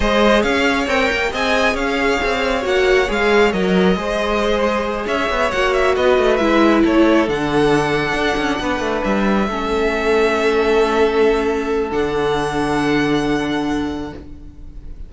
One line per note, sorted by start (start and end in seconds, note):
0.00 0.43 G#3
0.00 0.87 G#4
0.00 0.42 C5
0.00 0.42 D#5
0.42 0.87 C#4
0.42 1.30 C#5
0.42 0.86 F5
0.87 1.09 C4
0.87 1.32 A#4
0.87 1.33 G5
1.11 1.33 A#3
1.31 1.74 C4
1.31 2.61 G#4
1.31 1.73 D#5
1.31 1.76 G#5
1.73 2.18 C#4
1.73 3.94 C#5
1.73 2.64 F5
2.23 2.64 C4
2.61 3.08 A#3
2.61 3.06 F#4
2.61 3.10 F#5
3.07 3.53 G#3
3.07 3.51 G#4
3.07 3.52 F5
3.52 3.95 F#3
3.52 3.96 A#4
3.52 5.07 D#5
3.95 5.06 G#3
3.95 5.51 G#4
3.95 5.06 C5
5.06 5.29 C#4
5.06 5.94 C#5
5.06 5.51 E5
5.30 5.52 B3
5.51 5.96 A#3
5.51 6.40 F#4
5.51 5.73 F#5
5.73 5.95 E5
5.95 6.17 B3
5.95 6.83 B4
5.95 6.36 D#5
6.17 6.39 A3
6.36 6.83 G#3
6.36 7.27 E4
6.36 6.80 E5
6.83 7.28 A3
6.83 8.60 A4
6.83 7.29 C#5
7.27 8.12 D3
7.27 9.48 D4
7.27 9.03 F#5
8.12 8.35 D4
8.37 8.59 C#4
8.60 8.79 B3
8.60 9.48 B4
8.79 9.01 A3
9.03 9.48 G3
9.03 11.90 E5
9.48 11.90 A3
9.48 11.91 C#4
9.48 14.11 A4
11.91 14.12 D3
11.91 14.11 D4
11.91 14.13 F#5